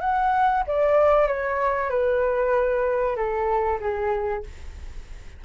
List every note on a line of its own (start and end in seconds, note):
0.00 0.63 F#5
0.67 1.27 D5
1.27 1.89 C#5
1.89 3.16 B4
3.16 3.79 A4
3.80 4.43 G#4